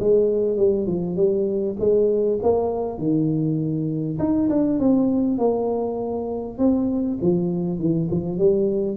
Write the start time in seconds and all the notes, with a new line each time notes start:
0.00 G#3
0.57 G3
0.87 F3
1.16 G3
1.79 G#3
2.42 A#3
2.98 D#3
4.19 D#4
4.49 D4
4.79 C4
5.38 A#3
6.58 C4
7.21 F3
7.79 E3
8.11 F3
8.38 G3